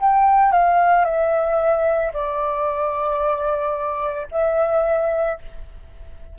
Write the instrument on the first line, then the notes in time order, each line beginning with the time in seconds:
flute
0.00 G5
0.52 F5
1.05 E5
2.13 D5
4.31 E5